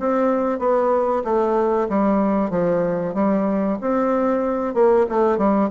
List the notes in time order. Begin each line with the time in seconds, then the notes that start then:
0.00 C4
0.59 B3
1.24 A3
1.89 G3
2.51 F3
3.15 G3
3.82 C4
4.75 A#3
5.09 A3
5.38 G3